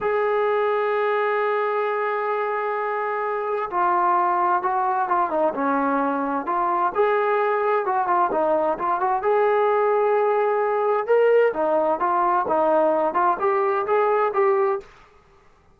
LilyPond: \new Staff \with { instrumentName = "trombone" } { \time 4/4 \tempo 4 = 130 gis'1~ | gis'1 | f'2 fis'4 f'8 dis'8 | cis'2 f'4 gis'4~ |
gis'4 fis'8 f'8 dis'4 f'8 fis'8 | gis'1 | ais'4 dis'4 f'4 dis'4~ | dis'8 f'8 g'4 gis'4 g'4 | }